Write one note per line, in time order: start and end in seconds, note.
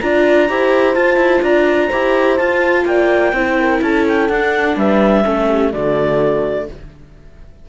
0.00 0.50 D4
0.00 0.49 F4
0.00 0.50 D5
0.00 0.94 A#5
0.49 0.96 E4
0.49 0.95 G4
0.49 1.45 C5
0.94 1.90 F4
0.94 1.17 F4
0.94 1.42 A5
1.17 1.41 E4
1.42 1.90 D4
1.42 1.88 D5
1.42 2.37 A#5
1.88 2.40 E4
1.88 2.39 G4
1.88 2.83 C5
2.37 3.34 F4
2.37 2.86 F4
2.37 2.85 A5
2.86 3.33 A#3
2.86 3.35 D5
2.86 3.81 G5
3.33 3.81 C4
3.33 4.31 E4
3.33 3.59 C5
3.60 3.83 A#4
3.82 4.29 C#4
3.82 4.78 A4
3.82 4.06 A5
4.08 4.29 G5
4.29 4.77 D4
4.29 5.24 D4
4.29 4.77 F#5
4.77 5.24 G3
4.77 5.25 B4
4.77 5.73 E5
5.24 5.74 A3
5.24 5.72 C#4
5.24 5.49 A4
5.49 5.71 G4
5.71 6.69 D3
5.71 6.69 A3
5.71 6.67 F#4
5.71 6.68 D5